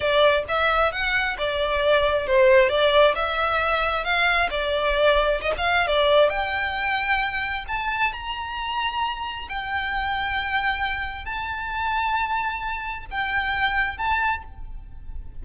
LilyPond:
\new Staff \with { instrumentName = "violin" } { \time 4/4 \tempo 4 = 133 d''4 e''4 fis''4 d''4~ | d''4 c''4 d''4 e''4~ | e''4 f''4 d''2 | dis''16 f''8. d''4 g''2~ |
g''4 a''4 ais''2~ | ais''4 g''2.~ | g''4 a''2.~ | a''4 g''2 a''4 | }